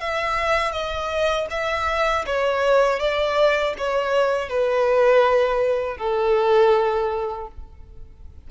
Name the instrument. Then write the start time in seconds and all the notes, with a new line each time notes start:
violin
0.00 E5
0.72 D#5
1.50 E5
2.26 C#5
2.99 D5
3.78 C#5
4.49 B4
5.97 A4